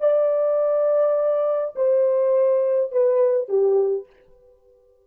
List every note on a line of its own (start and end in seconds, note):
0.00 1.75 D5
1.75 2.92 C5
2.92 3.48 B4
3.48 4.06 G4